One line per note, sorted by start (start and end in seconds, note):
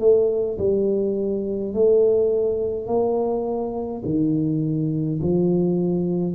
0.00 0.58 A3
0.59 1.74 G3
1.74 2.87 A3
2.87 4.03 A#3
4.05 5.21 D#3
5.22 6.35 F3